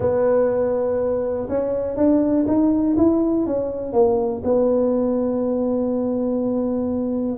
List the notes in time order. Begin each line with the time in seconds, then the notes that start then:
0.00 B3
1.48 C#4
1.96 D4
2.47 D#4
2.97 E4
3.46 C#4
3.92 A#3
4.44 B3